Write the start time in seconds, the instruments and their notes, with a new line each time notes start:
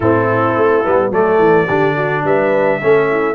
0.00 tuba A2, trombone C4, horn E4, trumpet A4
0.56 tuba A3
0.84 tuba G3, trombone B3
1.10 tuba F#3, trombone A3, horn A4, trumpet D5
1.38 tuba E3
1.67 tuba D3, trombone D4, horn G4
1.96 horn F#4
2.23 tuba G3, horn B4, trumpet E5
2.81 tuba A3, trombone C#4, horn A4
3.10 horn E4